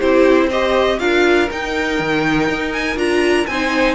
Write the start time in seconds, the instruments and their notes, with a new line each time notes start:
0.00 cello C4, viola E4, violin G4 C5
0.48 viola G4, violin C5 D#5
0.99 cello D4, viola F4, violin A#4 F5
1.51 cello D#4, viola D#4, violin G5
2.00 cello D#3
2.49 cello D#4
2.73 violin G#5
2.96 cello D4, viola F4, violin A#5
3.47 cello C4, viola D#4, violin C5 G#5